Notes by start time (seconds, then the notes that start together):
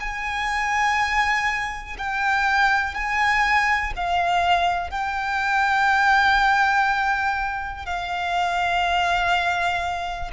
0.00 G#5
1.98 G5
2.95 G#5
3.96 F5
4.90 G5
7.86 F5